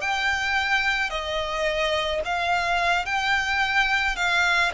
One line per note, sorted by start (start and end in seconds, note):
0.00 1.10 G5
1.10 2.21 D#5
2.24 3.05 F5
3.05 4.16 G5
4.16 4.71 F5